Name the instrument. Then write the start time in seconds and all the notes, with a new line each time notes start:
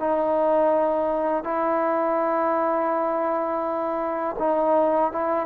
trombone
0.00 D#4
1.44 E4
4.39 D#4
5.13 E4